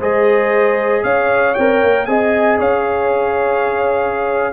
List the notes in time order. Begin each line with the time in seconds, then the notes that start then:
0.00 G#3 G#4 C5 D#5
1.04 C#4 C#5 F5
1.54 C4 A#4 G5
1.83 A#3
2.06 C4 G#4 D#5 G#5
2.59 C#4 C#5 F5